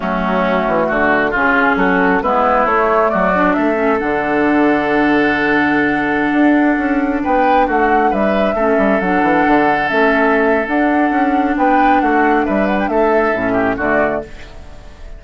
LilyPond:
<<
  \new Staff \with { instrumentName = "flute" } { \time 4/4 \tempo 4 = 135 fis'2. gis'4 | a'4 b'4 cis''4 d''4 | e''4 fis''2.~ | fis''1~ |
fis''16 g''4 fis''4 e''4.~ e''16~ | e''16 fis''2 e''4.~ e''16 | fis''2 g''4 fis''4 | e''8 fis''16 g''16 e''2 d''4 | }
  \new Staff \with { instrumentName = "oboe" } { \time 4/4 cis'2 fis'4 f'4 | fis'4 e'2 fis'4 | a'1~ | a'1~ |
a'16 b'4 fis'4 b'4 a'8.~ | a'1~ | a'2 b'4 fis'4 | b'4 a'4. g'8 fis'4 | }
  \new Staff \with { instrumentName = "clarinet" } { \time 4/4 a2. cis'4~ | cis'4 b4 a4. d'8~ | d'8 cis'8 d'2.~ | d'1~ |
d'2.~ d'16 cis'8.~ | cis'16 d'2 cis'4.~ cis'16 | d'1~ | d'2 cis'4 a4 | }
  \new Staff \with { instrumentName = "bassoon" } { \time 4/4 fis4. e8 d4 cis4 | fis4 gis4 a4 fis4 | a4 d2.~ | d2~ d16 d'4 cis'8.~ |
cis'16 b4 a4 g4 a8 g16~ | g16 fis8 e8 d4 a4.~ a16 | d'4 cis'4 b4 a4 | g4 a4 a,4 d4 | }
>>